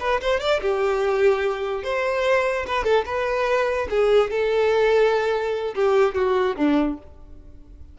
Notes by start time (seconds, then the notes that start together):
0.00 B4
0.21 C5
0.40 D5
0.62 G4
1.84 C5
2.67 B4
2.84 A4
3.05 B4
3.90 G#4
4.30 A4
5.75 G4
6.15 F#4
6.56 D4